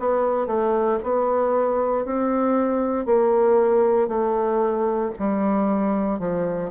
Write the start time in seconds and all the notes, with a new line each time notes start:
0.00 B3
0.47 A3
1.04 B3
2.05 C4
3.06 A#3
4.09 A3
5.19 G3
6.20 F3